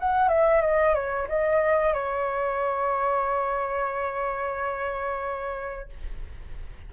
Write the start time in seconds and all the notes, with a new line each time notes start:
0.00 F#5
0.29 E5
0.62 D#5
0.95 C#5
1.29 D#5
1.94 C#5